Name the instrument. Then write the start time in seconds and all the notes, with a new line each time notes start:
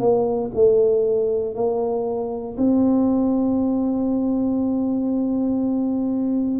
tuba
0.00 A#3
0.55 A3
1.54 A#3
2.57 C4